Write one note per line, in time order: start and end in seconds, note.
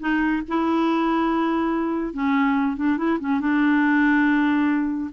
0.00 0.43 D#4
0.48 2.14 E4
2.14 2.77 C#4
2.77 2.98 D4
2.98 3.19 E4
3.20 3.40 C#4
3.40 5.11 D4